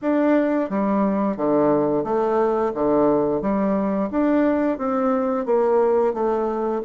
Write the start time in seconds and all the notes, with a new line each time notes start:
0.01 D4
0.69 G3
1.36 D3
2.04 A3
2.74 D3
3.41 G3
4.10 D4
4.78 C4
5.45 A#3
6.13 A3